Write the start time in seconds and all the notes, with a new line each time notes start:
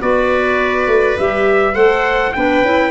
0.00 B3 F#4 B4 D5
0.87 A3
1.19 G3 G4 E5
1.73 A3 A4 C5 F#5
2.33 B3 D4 B4 G5
2.61 C#4 E4